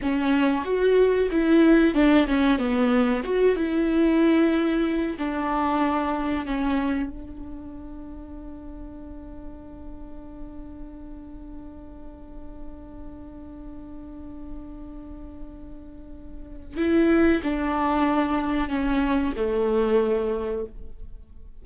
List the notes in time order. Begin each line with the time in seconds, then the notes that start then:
0.02 C#4
0.64 F#4
1.31 E4
1.94 D4
2.27 C#4
2.58 B3
3.23 F#4
3.55 E4
5.18 D4
6.46 C#4
7.09 D4
16.77 E4
17.43 D4
18.68 C#4
19.36 A3